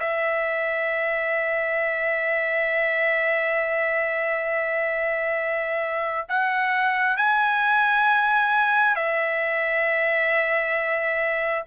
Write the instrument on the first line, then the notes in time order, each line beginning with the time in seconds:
trumpet
0.00 E5
6.29 F#5
7.17 G#5
8.96 E5